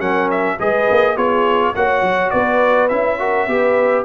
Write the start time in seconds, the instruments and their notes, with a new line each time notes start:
0.00 tuba F#3, trombone C#4, horn A#4, trumpet F#5
0.31 trumpet E5
0.58 tuba G#3, trombone G#4, horn B4, trumpet D#5
0.91 tuba A#3
1.15 tuba B3, trombone F4, horn G#4, trumpet C#5
1.76 tuba A#3, trombone F#4, horn C#5, trumpet F#5
2.02 tuba F#3
2.31 tuba B3, horn B4, trumpet D5
2.89 tuba C#4, trombone E4, trumpet E5
3.19 trombone F#4, horn A#4
3.48 tuba B3, trombone G4, horn B4